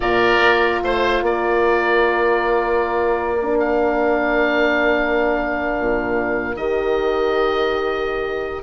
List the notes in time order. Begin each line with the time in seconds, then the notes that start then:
0.00 A#2 F4 A#4 D5
0.39 A#3
0.83 A3 C5
1.21 A#3 A#4 D5
3.42 D4
3.59 F5
5.79 A#2
6.55 D#3 G4 D#5